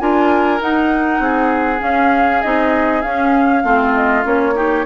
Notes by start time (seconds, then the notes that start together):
0.00 D4 F4 A#4 G#5
0.60 D#4 F#5
1.19 C4 G#4
1.79 C#4 F5
2.42 C4 D#4 D#5
3.02 C#4 F5
3.63 A3 C4 F4
3.94 D#5
4.23 A#3 C#4 C#5
4.55 D#4 G4